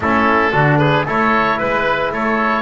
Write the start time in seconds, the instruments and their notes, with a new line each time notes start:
0.00 double bass A3, trombone C#4, trumpet E4, oboe A4
0.52 double bass D3, trombone D4, trumpet F#4
0.78 trumpet G#4, oboe B4
1.05 double bass A3, trombone E4, trumpet A4, oboe C#5
1.57 double bass G#3, trumpet B4, oboe B4
2.12 double bass A3, trumpet A4, oboe C#5